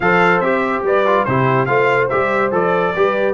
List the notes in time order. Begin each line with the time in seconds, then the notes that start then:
0.00 F3 A4 C5 F5
0.40 C4 G4 E5
0.82 G3 B4 D5
1.06 F4
1.24 C3 E4 G4 C5
1.65 A3 F4 C5 F5
2.09 G3 G4 E5
2.51 F3 A4 D5
2.95 G3 G4 B4